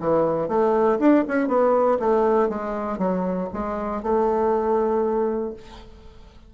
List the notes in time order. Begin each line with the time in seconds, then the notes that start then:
0.00 E3
0.48 A3
0.99 D4
1.28 C#4
1.48 B3
1.99 A3
2.49 G#3
2.98 F#3
3.53 G#3
4.02 A3